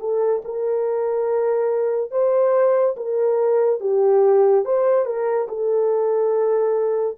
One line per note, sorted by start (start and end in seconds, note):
0.00 0.42 A4
0.45 2.11 A#4
2.11 2.96 C5
2.97 3.81 A#4
3.81 4.65 G4
4.65 5.06 C5
5.06 5.48 A#4
5.49 7.18 A4